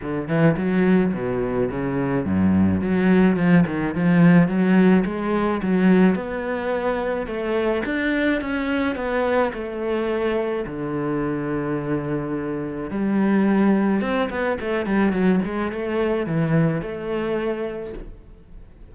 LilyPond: \new Staff \with { instrumentName = "cello" } { \time 4/4 \tempo 4 = 107 d8 e8 fis4 b,4 cis4 | fis,4 fis4 f8 dis8 f4 | fis4 gis4 fis4 b4~ | b4 a4 d'4 cis'4 |
b4 a2 d4~ | d2. g4~ | g4 c'8 b8 a8 g8 fis8 gis8 | a4 e4 a2 | }